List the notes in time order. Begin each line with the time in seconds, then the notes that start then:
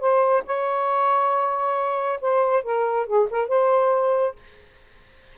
0.00 C5
0.46 C#5
2.21 C5
2.63 A#4
3.07 G#4
3.31 A#4
3.49 C5